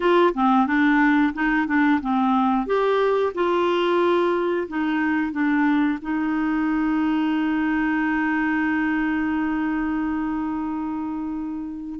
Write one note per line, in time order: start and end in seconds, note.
0.00 0.33 F4
0.34 0.66 C4
0.66 1.33 D4
1.33 1.67 D#4
1.67 2.00 D4
2.01 2.66 C4
2.66 3.32 G4
3.34 4.67 F4
4.68 5.32 D#4
5.32 5.98 D4
6.01 12.00 D#4